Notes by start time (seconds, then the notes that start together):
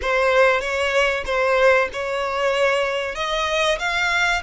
0.01 C5
0.61 C#5
1.25 C5
1.92 C#5
3.15 D#5
3.79 F5